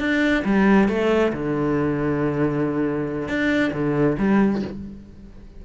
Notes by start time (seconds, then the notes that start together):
0.00 D4
0.45 G3
0.89 A3
1.33 D3
3.29 D4
3.73 D3
4.19 G3